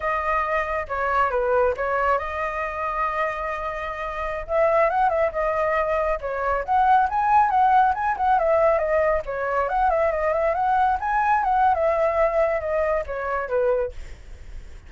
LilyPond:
\new Staff \with { instrumentName = "flute" } { \time 4/4 \tempo 4 = 138 dis''2 cis''4 b'4 | cis''4 dis''2.~ | dis''2~ dis''16 e''4 fis''8 e''16~ | e''16 dis''2 cis''4 fis''8.~ |
fis''16 gis''4 fis''4 gis''8 fis''8 e''8.~ | e''16 dis''4 cis''4 fis''8 e''8 dis''8 e''16~ | e''16 fis''4 gis''4 fis''8. e''4~ | e''4 dis''4 cis''4 b'4 | }